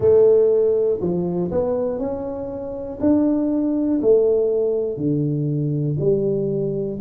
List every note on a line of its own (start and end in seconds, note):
0.00 1.00 A3
1.00 1.50 F3
1.51 1.98 B3
1.98 2.98 C#4
3.00 4.00 D4
4.01 4.96 A3
4.96 5.96 D3
6.00 7.00 G3